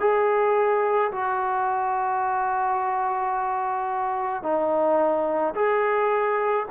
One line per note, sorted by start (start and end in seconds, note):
0.00 1.11 G#4
1.11 4.42 F#4
4.42 5.54 D#4
5.55 6.66 G#4